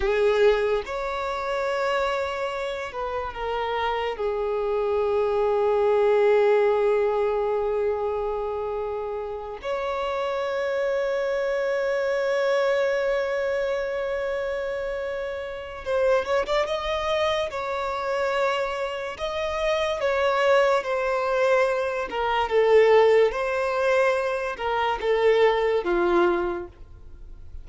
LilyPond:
\new Staff \with { instrumentName = "violin" } { \time 4/4 \tempo 4 = 72 gis'4 cis''2~ cis''8 b'8 | ais'4 gis'2.~ | gis'2.~ gis'8 cis''8~ | cis''1~ |
cis''2. c''8 cis''16 d''16 | dis''4 cis''2 dis''4 | cis''4 c''4. ais'8 a'4 | c''4. ais'8 a'4 f'4 | }